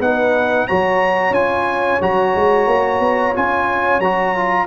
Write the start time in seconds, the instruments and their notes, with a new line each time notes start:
0.00 tuba B3, trombone D#4, horn B4, trumpet F#5
0.68 tuba F#3, trombone F#4, horn C#5, trumpet A#5
1.31 tuba C#4, trombone F4, trumpet G#5
2.01 tuba F#3, trombone F#4, trumpet A#5
2.36 tuba G#3
2.67 tuba A#3
3.00 tuba B3
3.35 tuba C#4, trombone F4, trumpet G#5
4.00 tuba F#3, trombone F#4, trumpet A#5
4.36 trombone F4